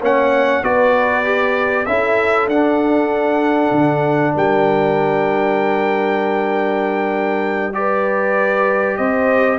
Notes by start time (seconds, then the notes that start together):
0.00 A#3 C#4 C#5 F#5
0.63 B3 F#4 B4 D5
1.25 G4
1.86 C#4 E4 A4 E5
2.48 D4 F#5
3.72 D3
4.35 G3 A#4 G5
7.74 G4 B4 D5
8.97 C4 C5 D#5